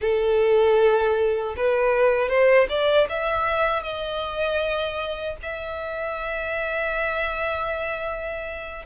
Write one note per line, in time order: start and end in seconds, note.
0.01 1.55 A4
1.56 2.29 B4
2.29 2.67 C5
2.69 3.07 D5
3.09 3.82 E5
3.82 5.36 D#5
5.42 8.85 E5